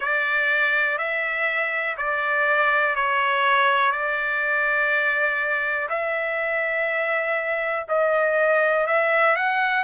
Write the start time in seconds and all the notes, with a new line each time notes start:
0.00 D5
0.98 E5
1.97 D5
2.95 C#5
3.91 D5
5.89 E5
7.88 D#5
8.87 E5
9.35 F#5